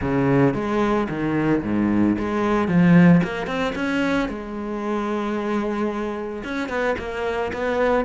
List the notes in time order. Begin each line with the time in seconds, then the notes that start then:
0.01 C#3
0.54 G#3
1.09 D#3
1.63 G#2
2.18 G#3
2.67 F3
3.23 A#3
3.47 C4
3.75 C#4
4.29 G#3
6.43 C#4
6.68 B3
6.98 A#3
7.52 B3